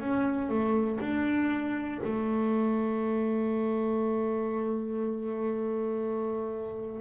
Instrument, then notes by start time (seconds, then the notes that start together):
double bass
0.00 C#4
0.49 A3
1.00 D4
2.04 A3